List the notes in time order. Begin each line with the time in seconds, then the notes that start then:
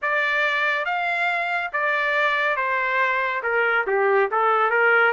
0.02 D5
0.85 F5
1.73 D5
2.56 C5
3.42 A#4
3.86 G4
4.31 A4
4.70 A#4